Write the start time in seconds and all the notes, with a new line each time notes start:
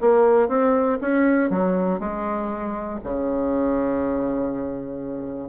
0.00 A#3
0.48 C4
1.01 C#4
1.50 F#3
1.99 G#3
3.03 C#3